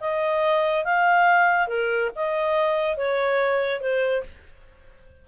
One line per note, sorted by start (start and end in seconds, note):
0.00 0.84 D#5
0.84 1.67 F5
1.67 2.10 A#4
2.15 2.97 D#5
2.97 3.80 C#5
3.80 4.23 C5